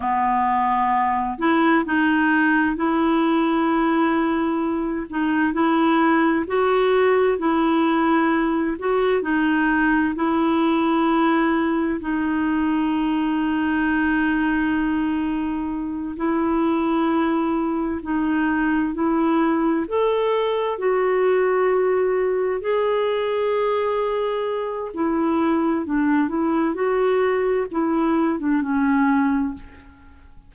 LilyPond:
\new Staff \with { instrumentName = "clarinet" } { \time 4/4 \tempo 4 = 65 b4. e'8 dis'4 e'4~ | e'4. dis'8 e'4 fis'4 | e'4. fis'8 dis'4 e'4~ | e'4 dis'2.~ |
dis'4. e'2 dis'8~ | dis'8 e'4 a'4 fis'4.~ | fis'8 gis'2~ gis'8 e'4 | d'8 e'8 fis'4 e'8. d'16 cis'4 | }